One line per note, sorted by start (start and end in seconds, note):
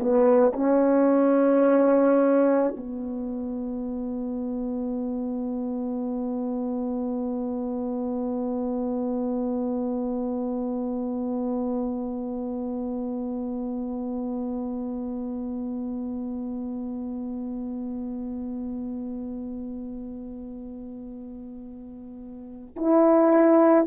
0.00 0.53 B3
0.53 2.75 C#4
2.77 22.77 B3
22.77 23.87 E4